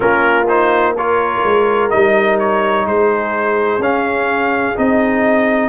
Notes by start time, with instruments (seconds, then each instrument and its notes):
0.00 tuba A#3, trombone C#4, horn F4, trumpet A#4
0.48 trombone D#4, trumpet C5
0.97 trombone F4, horn A#4, trumpet C#5
1.44 tuba G#3
1.89 tuba G3, trombone D#4, trumpet D#5
2.39 trumpet C#5
2.86 tuba G#3, horn G#4, trumpet C5
3.78 tuba C#4, trombone C#4, trumpet F5
4.75 tuba C4, trombone D#4, trumpet D#5